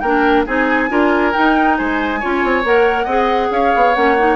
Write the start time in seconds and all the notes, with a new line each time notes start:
0.00 A#3 D4 A#4 G5
0.46 C4 D#4 G#4 G#5
0.89 D4 F4 A#4
1.33 D#4 G5
1.77 G#3 C5 G#5
2.20 C#4 F4 C#5
2.44 C4
2.64 A#3 A#4 F#5
3.04 C4 G#4 D#5
3.51 C#4 C#5 F5
3.75 B3
3.95 A#3 C#4 F#5
4.18 D#4